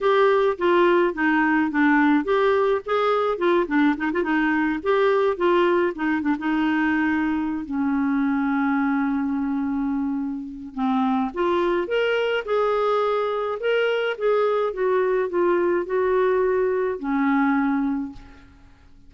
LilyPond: \new Staff \with { instrumentName = "clarinet" } { \time 4/4 \tempo 4 = 106 g'4 f'4 dis'4 d'4 | g'4 gis'4 f'8 d'8 dis'16 f'16 dis'8~ | dis'8 g'4 f'4 dis'8 d'16 dis'8.~ | dis'4. cis'2~ cis'8~ |
cis'2. c'4 | f'4 ais'4 gis'2 | ais'4 gis'4 fis'4 f'4 | fis'2 cis'2 | }